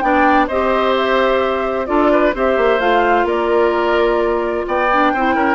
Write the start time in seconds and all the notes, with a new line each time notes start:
0.00 B3 D4 D5 G5
0.47 C4 G4 C5 D#5
0.96 E5
1.86 D4 F4 A4 D5
2.12 B4
2.34 C4 G4 C5 E5
2.57 A#3
2.79 A3 F4 F5
3.24 A#3 A#4 D5
4.67 B3 D5 G5
4.92 D4
5.13 C4 E4 C5
5.35 C#4 A#4